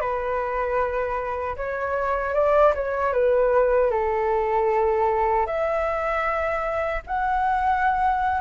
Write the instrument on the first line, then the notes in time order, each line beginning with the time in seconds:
flute
0.00 B4
1.56 C#5
2.34 D5
2.74 C#5
3.13 B4
3.91 A4
5.46 E5
7.07 F#5